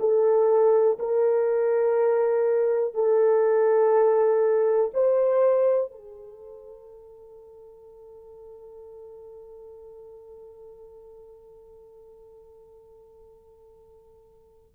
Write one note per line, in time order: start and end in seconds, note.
0.00 0.98 A4
0.99 2.95 A#4
2.95 4.91 A4
4.94 5.92 C5
5.92 14.75 A4